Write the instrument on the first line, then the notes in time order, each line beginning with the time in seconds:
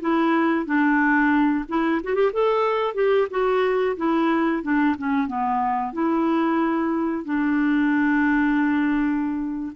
clarinet
0.00 E4
0.65 D4
1.68 E4
2.03 F#4
2.14 G4
2.32 A4
2.94 G4
3.30 F#4
3.97 E4
4.62 D4
4.98 C#4
5.27 B3
5.93 E4
7.24 D4